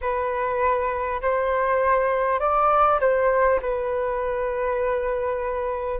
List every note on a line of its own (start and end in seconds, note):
0.01 1.21 B4
1.21 2.39 C5
2.39 2.99 D5
3.00 3.60 C5
3.61 5.99 B4